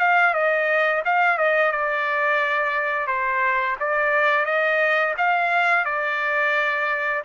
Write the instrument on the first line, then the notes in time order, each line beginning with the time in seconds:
trumpet
0.00 F5
0.34 D#5
1.05 F5
1.38 D#5
1.72 D5
3.07 C5
3.80 D5
4.45 D#5
5.17 F5
5.85 D5